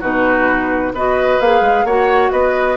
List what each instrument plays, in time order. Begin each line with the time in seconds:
0.00 bassoon B2, clarinet D#4, oboe F#4, flute B4
0.93 bassoon B3, clarinet F#4, oboe B4, flute D#5
1.40 bassoon A#3, clarinet G#4, flute F5
1.61 bassoon G#3
1.84 bassoon A#3, clarinet F#4, oboe C#5, flute F#5
2.31 bassoon B3, oboe B4, flute D#5